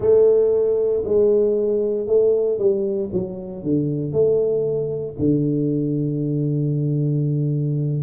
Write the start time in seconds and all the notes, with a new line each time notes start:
0.00 A3
1.04 G#3
2.06 A3
2.58 G3
3.12 F#3
3.63 D3
4.12 A3
5.18 D3